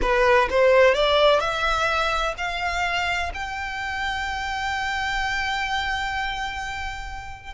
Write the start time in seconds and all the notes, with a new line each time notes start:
0.01 B4
0.49 C5
0.94 D5
1.40 E5
2.37 F5
3.33 G5